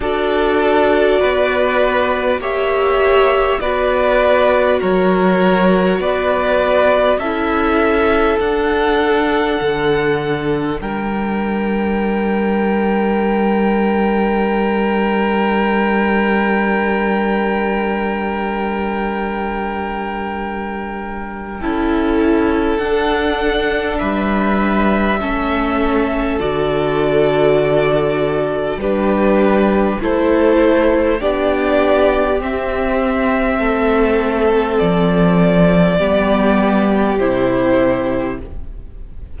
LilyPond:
<<
  \new Staff \with { instrumentName = "violin" } { \time 4/4 \tempo 4 = 50 d''2 e''4 d''4 | cis''4 d''4 e''4 fis''4~ | fis''4 g''2.~ | g''1~ |
g''2. fis''4 | e''2 d''2 | b'4 c''4 d''4 e''4~ | e''4 d''2 c''4 | }
  \new Staff \with { instrumentName = "violin" } { \time 4/4 a'4 b'4 cis''4 b'4 | ais'4 b'4 a'2~ | a'4 ais'2.~ | ais'1~ |
ais'2 a'2 | b'4 a'2. | g'4 a'4 g'2 | a'2 g'2 | }
  \new Staff \with { instrumentName = "viola" } { \time 4/4 fis'2 g'4 fis'4~ | fis'2 e'4 d'4~ | d'1~ | d'1~ |
d'2 e'4 d'4~ | d'4 cis'4 fis'2 | d'4 e'4 d'4 c'4~ | c'2 b4 e'4 | }
  \new Staff \with { instrumentName = "cello" } { \time 4/4 d'4 b4 ais4 b4 | fis4 b4 cis'4 d'4 | d4 g2.~ | g1~ |
g2 cis'4 d'4 | g4 a4 d2 | g4 a4 b4 c'4 | a4 f4 g4 c4 | }
>>